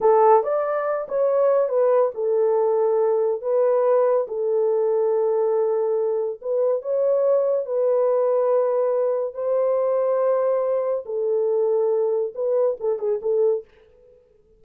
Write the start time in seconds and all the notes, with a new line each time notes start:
0.00 A4
0.43 D5
1.08 C#5
1.68 B4
2.14 A4
3.41 B4
4.27 A4
6.41 B4
6.82 C#5
7.65 B4
9.34 C5
11.05 A4
12.34 B4
12.79 A4
12.98 G#4
13.21 A4